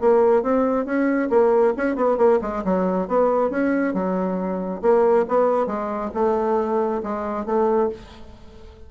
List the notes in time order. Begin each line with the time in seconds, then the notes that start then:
0.00 A#3
0.42 C4
0.85 C#4
1.30 A#3
1.77 C#4
1.96 B3
2.17 A#3
2.41 G#3
2.64 F#3
3.08 B3
3.50 C#4
3.94 F#3
4.82 A#3
5.28 B3
5.66 G#3
6.14 A3
7.03 G#3
7.45 A3